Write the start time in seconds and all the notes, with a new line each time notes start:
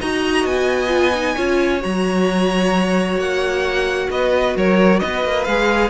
0.00 D#4 F#4 D#5 A#5
0.45 B3 G#5
0.88 F4
1.15 D#4
1.35 C#4 F4 C#5
1.80 F#3 F#4 A#5
3.18 A#3 F#5
4.10 B3 B4 D#5
4.57 F#3 A#4 C#5
5.00 B3 B4 D#5
5.25 A#3
5.45 G#3 G#4 F5